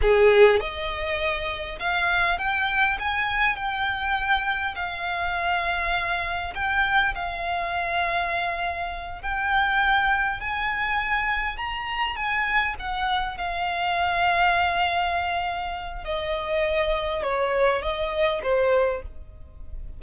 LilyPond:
\new Staff \with { instrumentName = "violin" } { \time 4/4 \tempo 4 = 101 gis'4 dis''2 f''4 | g''4 gis''4 g''2 | f''2. g''4 | f''2.~ f''8 g''8~ |
g''4. gis''2 ais''8~ | ais''8 gis''4 fis''4 f''4.~ | f''2. dis''4~ | dis''4 cis''4 dis''4 c''4 | }